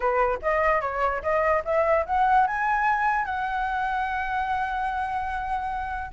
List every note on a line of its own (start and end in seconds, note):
0.00 0.39 B4
0.42 0.81 D#5
0.81 1.21 C#5
1.22 1.63 D#5
1.64 2.05 E5
2.06 2.46 F#5
2.47 3.25 G#5
3.25 6.10 F#5